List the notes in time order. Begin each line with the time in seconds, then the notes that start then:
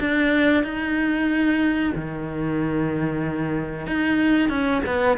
0.00 D4
0.64 D#4
1.95 D#3
3.87 D#4
4.49 C#4
4.86 B3